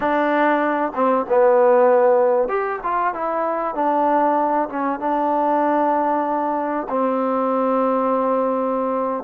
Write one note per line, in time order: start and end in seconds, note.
0.00 0.92 D4
0.95 1.26 C4
1.28 2.48 B3
2.48 2.79 G4
2.83 3.14 F4
3.14 3.74 E4
3.74 4.68 D4
4.69 4.99 C#4
4.99 6.87 D4
6.89 9.23 C4